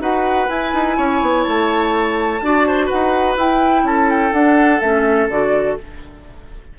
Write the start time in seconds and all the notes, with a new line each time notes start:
0.00 D#4 F#4 B4 F#5
0.48 E4 G#5
0.74 D#4
0.97 C#4 C#5
1.22 B3
1.44 A3 A5
2.42 D4 F#4 D5
2.68 C5
2.86 B4 F#5
2.94 D#4
3.37 E4 G5
3.84 C#4 A4 A5
4.10 G5
4.33 D4 F#5
4.81 A3 C#4 E5
5.30 D3 F#4 D5